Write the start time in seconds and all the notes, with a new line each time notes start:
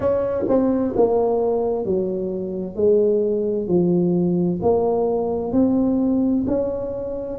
0.00 C#4
0.48 C4
0.96 A#3
1.85 F#3
2.75 G#3
3.67 F3
4.62 A#3
5.52 C4
6.46 C#4